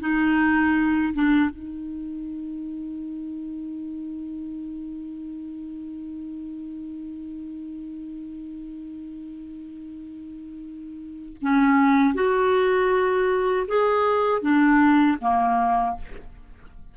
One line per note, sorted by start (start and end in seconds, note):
0.00 1.14 D#4
1.14 1.50 D4
1.50 11.38 D#4
11.42 12.14 C#4
12.14 13.66 F#4
13.68 14.42 G#4
14.42 15.18 D4
15.21 15.97 A#3